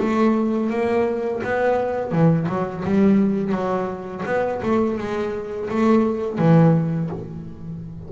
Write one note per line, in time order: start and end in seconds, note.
0.00 0.71 A3
0.71 1.42 A#3
1.44 2.12 B3
2.12 2.48 E3
2.49 2.85 F#3
2.85 3.53 G3
3.53 4.24 F#3
4.26 4.62 B3
4.63 4.98 A3
4.98 5.70 G#3
5.70 6.39 A3
6.39 7.10 E3